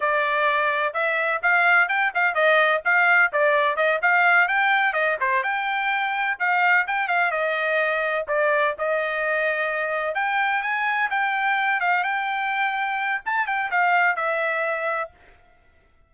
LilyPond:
\new Staff \with { instrumentName = "trumpet" } { \time 4/4 \tempo 4 = 127 d''2 e''4 f''4 | g''8 f''8 dis''4 f''4 d''4 | dis''8 f''4 g''4 dis''8 c''8 g''8~ | g''4. f''4 g''8 f''8 dis''8~ |
dis''4. d''4 dis''4.~ | dis''4. g''4 gis''4 g''8~ | g''4 f''8 g''2~ g''8 | a''8 g''8 f''4 e''2 | }